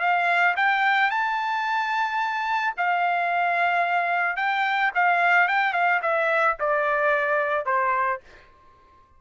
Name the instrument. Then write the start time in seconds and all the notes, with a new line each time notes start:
trumpet
0.00 F5
0.56 G5
1.10 A5
2.77 F5
4.36 G5
4.95 F5
5.48 G5
5.73 F5
6.02 E5
6.60 D5
7.66 C5